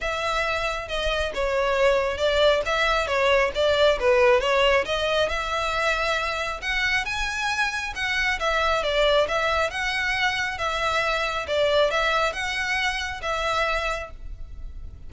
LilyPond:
\new Staff \with { instrumentName = "violin" } { \time 4/4 \tempo 4 = 136 e''2 dis''4 cis''4~ | cis''4 d''4 e''4 cis''4 | d''4 b'4 cis''4 dis''4 | e''2. fis''4 |
gis''2 fis''4 e''4 | d''4 e''4 fis''2 | e''2 d''4 e''4 | fis''2 e''2 | }